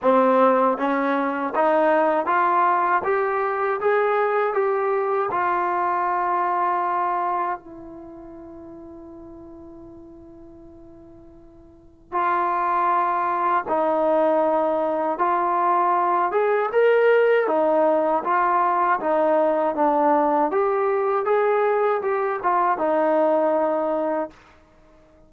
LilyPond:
\new Staff \with { instrumentName = "trombone" } { \time 4/4 \tempo 4 = 79 c'4 cis'4 dis'4 f'4 | g'4 gis'4 g'4 f'4~ | f'2 e'2~ | e'1 |
f'2 dis'2 | f'4. gis'8 ais'4 dis'4 | f'4 dis'4 d'4 g'4 | gis'4 g'8 f'8 dis'2 | }